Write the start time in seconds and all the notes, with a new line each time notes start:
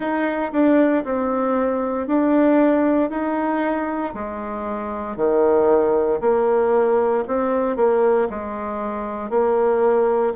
0.00 D#4
0.52 D4
1.04 C4
2.07 D4
3.10 D#4
4.14 G#3
5.16 D#3
6.20 A#3
7.27 C4
7.76 A#3
8.29 G#3
9.30 A#3